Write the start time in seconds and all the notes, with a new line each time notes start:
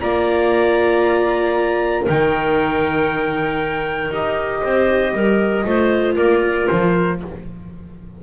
0.00 A#3 F4 D5 A#5
2.03 D#3 D#4 A#4
2.09 G5
4.10 D#4 G4 D#5
4.62 C4 C5
5.13 G3 A#4
5.64 A3 F4 C5
6.15 A#3 A#4 D5
6.68 F3 C5